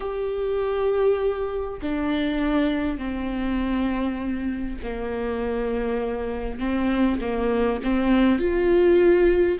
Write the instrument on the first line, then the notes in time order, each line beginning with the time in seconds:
viola
0.00 G4
1.82 D4
2.98 C4
4.83 A#3
6.59 C4
7.20 A#3
7.83 C4
8.38 F4